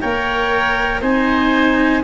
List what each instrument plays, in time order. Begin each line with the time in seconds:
0.00 tuba A#3, cello A#4, oboe C#5, clarinet G5
1.01 tuba C4, cello D#4, oboe C5, clarinet G#5